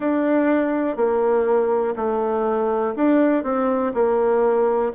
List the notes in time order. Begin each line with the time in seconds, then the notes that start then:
0.00 D4
0.96 A#3
1.95 A3
2.96 D4
3.43 C4
3.93 A#3